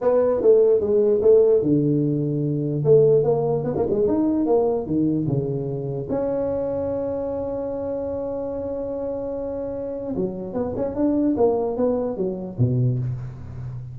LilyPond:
\new Staff \with { instrumentName = "tuba" } { \time 4/4 \tempo 4 = 148 b4 a4 gis4 a4 | d2. a4 | ais4 b16 ais16 gis8 dis'4 ais4 | dis4 cis2 cis'4~ |
cis'1~ | cis'1~ | cis'4 fis4 b8 cis'8 d'4 | ais4 b4 fis4 b,4 | }